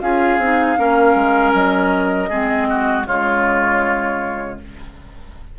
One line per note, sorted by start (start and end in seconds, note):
0.00 0.37 C#4
0.00 0.39 F4
0.00 0.78 G#4
0.00 1.52 F5
0.37 0.75 C4
0.37 0.76 D#4
0.76 1.14 A#3
0.76 2.28 C#4
0.76 2.29 A#4
1.14 1.52 G#3
1.53 2.29 F#3
1.53 3.06 D#5
2.29 3.06 G#3
2.29 3.06 C4
2.29 2.67 G#4
2.69 3.06 F#4
3.06 4.58 C#3
3.06 4.58 G#3
3.06 4.58 F4
3.06 4.58 C#5